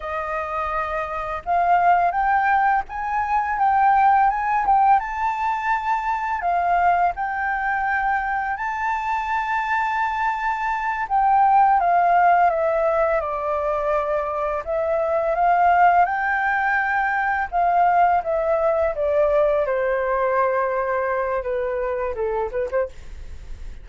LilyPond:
\new Staff \with { instrumentName = "flute" } { \time 4/4 \tempo 4 = 84 dis''2 f''4 g''4 | gis''4 g''4 gis''8 g''8 a''4~ | a''4 f''4 g''2 | a''2.~ a''8 g''8~ |
g''8 f''4 e''4 d''4.~ | d''8 e''4 f''4 g''4.~ | g''8 f''4 e''4 d''4 c''8~ | c''2 b'4 a'8 b'16 c''16 | }